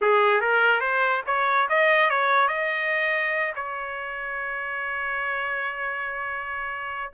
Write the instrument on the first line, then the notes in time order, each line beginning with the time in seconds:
trumpet
0.01 G#4
0.40 A#4
0.80 C5
1.26 C#5
1.69 D#5
2.09 C#5
2.48 D#5
3.55 C#5